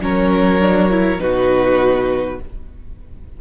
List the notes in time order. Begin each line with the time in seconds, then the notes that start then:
0.00 F#3 C#4 A#4 C#5
0.61 D4
0.90 E4
1.19 B2 D#4 F#4 B4